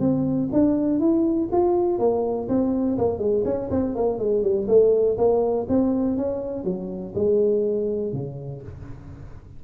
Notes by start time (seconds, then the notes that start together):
0.00 C4
0.52 D4
0.99 E4
1.52 F4
1.99 A#3
2.48 C4
2.98 A#3
3.18 G#3
3.45 C#4
3.70 C4
3.95 A#3
4.19 G#3
4.42 G3
4.68 A3
5.18 A#3
5.68 C4
6.17 C#4
6.64 F#3
7.14 G#3
8.13 C#3